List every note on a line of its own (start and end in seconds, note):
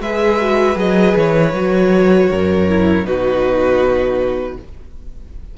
0.00 0.75 G#3
0.00 0.40 G#4
0.00 2.29 B4
0.00 0.78 E5
0.40 0.75 F#4
0.75 1.13 F#3
0.75 1.51 G#4
0.75 1.16 D#5
1.16 1.53 E3
1.16 3.06 C#5
1.53 2.29 F#3
1.53 2.69 F#4
2.30 3.04 F#2
2.30 3.06 A#4
2.69 3.05 E4
3.04 4.56 B2
3.04 4.57 D#4
3.04 4.58 F#4
3.04 4.58 B4